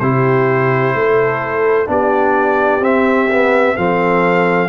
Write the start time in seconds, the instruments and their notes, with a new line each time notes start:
0.00 tuba C3, trombone E4, horn G4, trumpet C5
0.94 tuba A3, horn A4
1.87 tuba B3, trombone D4, horn G4, trumpet D5
2.80 tuba C4, trombone C4, trumpet E5
3.31 trombone B3
3.77 tuba F3, trombone C4, horn A4, trumpet F5